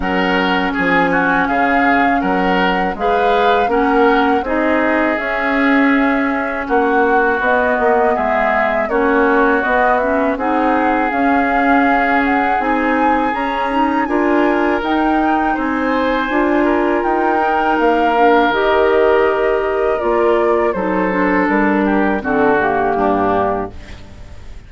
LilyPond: <<
  \new Staff \with { instrumentName = "flute" } { \time 4/4 \tempo 4 = 81 fis''4 gis''4 f''4 fis''4 | f''4 fis''4 dis''4 e''4~ | e''4 fis''4 dis''4 e''4 | cis''4 dis''8 e''8 fis''4 f''4~ |
f''8 fis''8 gis''4 ais''4 gis''4 | g''4 gis''2 g''4 | f''4 dis''2 d''4 | c''4 ais'4 a'8 g'4. | }
  \new Staff \with { instrumentName = "oboe" } { \time 4/4 ais'4 gis'8 fis'8 gis'4 ais'4 | b'4 ais'4 gis'2~ | gis'4 fis'2 gis'4 | fis'2 gis'2~ |
gis'2. ais'4~ | ais'4 c''4. ais'4.~ | ais'1 | a'4. g'8 fis'4 d'4 | }
  \new Staff \with { instrumentName = "clarinet" } { \time 4/4 cis'1 | gis'4 cis'4 dis'4 cis'4~ | cis'2 b2 | cis'4 b8 cis'8 dis'4 cis'4~ |
cis'4 dis'4 cis'8 dis'8 f'4 | dis'2 f'4. dis'8~ | dis'8 d'8 g'2 f'4 | dis'8 d'4. c'8 ais4. | }
  \new Staff \with { instrumentName = "bassoon" } { \time 4/4 fis4 f4 cis4 fis4 | gis4 ais4 c'4 cis'4~ | cis'4 ais4 b8 ais8 gis4 | ais4 b4 c'4 cis'4~ |
cis'4 c'4 cis'4 d'4 | dis'4 c'4 d'4 dis'4 | ais4 dis2 ais4 | fis4 g4 d4 g,4 | }
>>